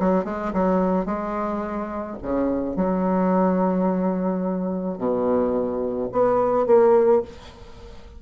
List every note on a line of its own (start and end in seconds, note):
0.00 0.25 F#3
0.25 0.53 G#3
0.53 1.06 F#3
1.06 2.17 G#3
2.23 2.77 C#3
2.77 4.98 F#3
4.98 6.09 B2
6.12 6.67 B3
6.67 7.22 A#3